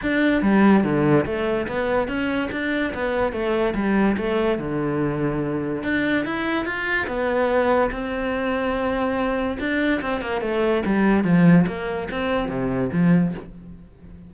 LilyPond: \new Staff \with { instrumentName = "cello" } { \time 4/4 \tempo 4 = 144 d'4 g4 d4 a4 | b4 cis'4 d'4 b4 | a4 g4 a4 d4~ | d2 d'4 e'4 |
f'4 b2 c'4~ | c'2. d'4 | c'8 ais8 a4 g4 f4 | ais4 c'4 c4 f4 | }